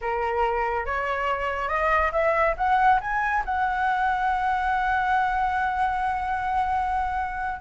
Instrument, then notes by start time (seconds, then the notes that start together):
flute
0.01 A#4
0.85 C#5
1.68 D#5
2.12 E5
2.57 F#5
3.01 G#5
3.45 F#5